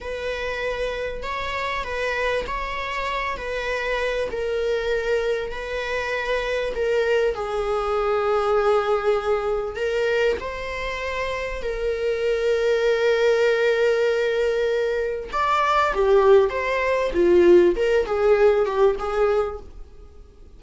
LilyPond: \new Staff \with { instrumentName = "viola" } { \time 4/4 \tempo 4 = 98 b'2 cis''4 b'4 | cis''4. b'4. ais'4~ | ais'4 b'2 ais'4 | gis'1 |
ais'4 c''2 ais'4~ | ais'1~ | ais'4 d''4 g'4 c''4 | f'4 ais'8 gis'4 g'8 gis'4 | }